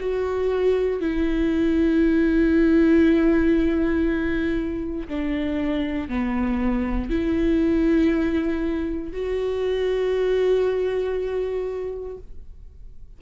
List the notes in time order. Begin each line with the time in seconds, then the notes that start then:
0.00 F#4
1.01 E4
5.08 D4
6.09 B3
7.10 E4
9.12 F#4